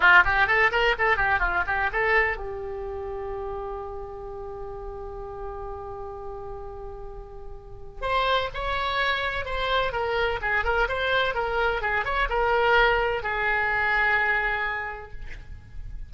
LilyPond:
\new Staff \with { instrumentName = "oboe" } { \time 4/4 \tempo 4 = 127 f'8 g'8 a'8 ais'8 a'8 g'8 f'8 g'8 | a'4 g'2.~ | g'1~ | g'1~ |
g'4 c''4 cis''2 | c''4 ais'4 gis'8 ais'8 c''4 | ais'4 gis'8 cis''8 ais'2 | gis'1 | }